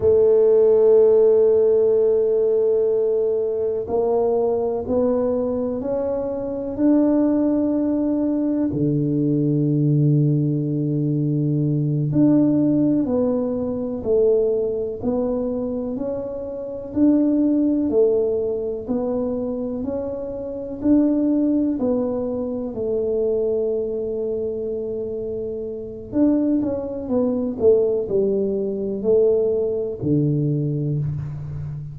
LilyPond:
\new Staff \with { instrumentName = "tuba" } { \time 4/4 \tempo 4 = 62 a1 | ais4 b4 cis'4 d'4~ | d'4 d2.~ | d8 d'4 b4 a4 b8~ |
b8 cis'4 d'4 a4 b8~ | b8 cis'4 d'4 b4 a8~ | a2. d'8 cis'8 | b8 a8 g4 a4 d4 | }